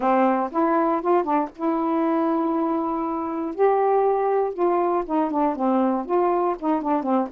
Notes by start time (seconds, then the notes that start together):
0.00 C4
0.51 E4
1.01 F4
1.23 D4
1.55 E4
3.54 G4
4.53 F4
5.05 D#4
5.30 D4
5.55 C4
6.05 F4
6.59 D#4
6.81 D4
7.02 C4